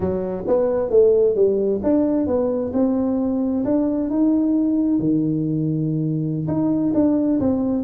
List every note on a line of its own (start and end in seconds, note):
0.00 0.44 F#3
0.47 0.90 B3
0.90 1.35 A3
1.35 1.80 G3
1.83 2.26 D4
2.26 2.72 B3
2.73 3.64 C4
3.64 4.10 D4
4.10 4.99 D#4
4.99 6.47 D#3
6.47 6.93 D#4
6.94 7.39 D4
7.40 7.83 C4